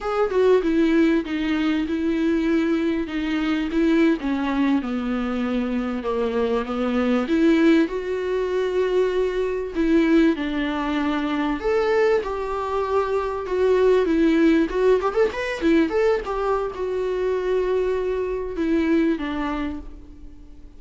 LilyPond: \new Staff \with { instrumentName = "viola" } { \time 4/4 \tempo 4 = 97 gis'8 fis'8 e'4 dis'4 e'4~ | e'4 dis'4 e'8. cis'4 b16~ | b4.~ b16 ais4 b4 e'16~ | e'8. fis'2. e'16~ |
e'8. d'2 a'4 g'16~ | g'4.~ g'16 fis'4 e'4 fis'16~ | fis'16 g'16 a'16 b'8 e'8 a'8 g'8. fis'4~ | fis'2 e'4 d'4 | }